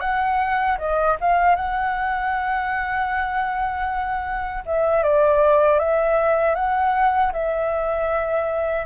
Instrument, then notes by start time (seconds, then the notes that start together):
flute
0.00 F#5
0.78 D#5
1.20 F5
1.55 F#5
4.65 E5
5.03 D5
5.79 E5
6.55 F#5
7.32 E5